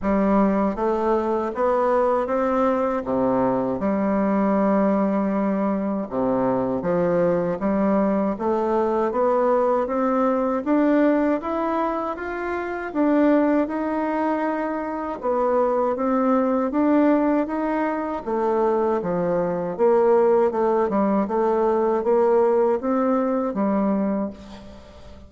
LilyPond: \new Staff \with { instrumentName = "bassoon" } { \time 4/4 \tempo 4 = 79 g4 a4 b4 c'4 | c4 g2. | c4 f4 g4 a4 | b4 c'4 d'4 e'4 |
f'4 d'4 dis'2 | b4 c'4 d'4 dis'4 | a4 f4 ais4 a8 g8 | a4 ais4 c'4 g4 | }